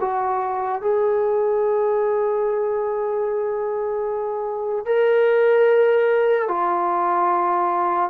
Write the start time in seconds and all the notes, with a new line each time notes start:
0.00 F#4
0.81 G#4
4.85 A#4
6.48 F4